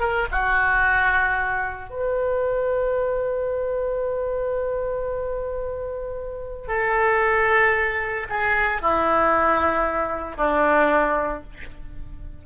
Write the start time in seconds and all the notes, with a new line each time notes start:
0.00 A#4
0.31 F#4
1.90 B4
6.68 A4
8.30 G#4
8.81 E4
10.37 D4